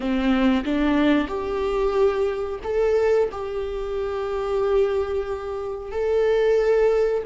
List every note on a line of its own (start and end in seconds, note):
0.00 0.64 C4
0.64 1.27 D4
1.27 2.59 G4
2.63 3.29 A4
3.31 5.91 G4
5.91 7.23 A4